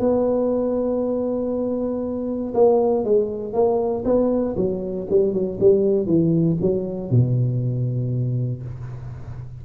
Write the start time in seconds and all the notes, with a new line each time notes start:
0.00 B3
2.54 A#3
3.05 G#3
3.54 A#3
4.05 B3
4.57 F#3
5.10 G3
5.33 F#3
5.60 G3
6.07 E3
6.61 F#3
7.11 B2